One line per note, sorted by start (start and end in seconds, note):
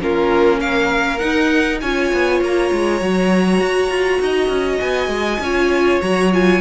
0.00 1.21 A#3
0.00 1.20 C#4
0.00 0.60 F4
0.00 0.61 A#4
0.60 1.80 A#4
0.60 1.19 F5
1.19 1.80 D#4
1.19 1.83 D#4
1.19 1.79 F#5
1.81 2.13 C#4
1.81 3.01 F4
1.81 4.22 C#5
1.81 2.41 G#5
2.13 2.41 B3
2.41 2.71 A#3
2.41 4.80 A#5
2.73 3.02 G#3
3.01 3.61 F#3
3.01 5.41 F#4
3.61 3.90 F#4
3.90 4.20 F4
4.21 4.49 D#4
4.21 5.43 D#5
4.49 4.79 C#4
4.80 5.08 B3
4.80 6.00 G#5
5.08 5.38 G#3
5.40 6.00 C#4
5.40 6.04 F4
5.40 6.62 C#5
6.02 6.62 F#3
6.02 6.32 F#4
6.02 6.32 A#5
6.32 6.62 F4
6.32 6.62 G#5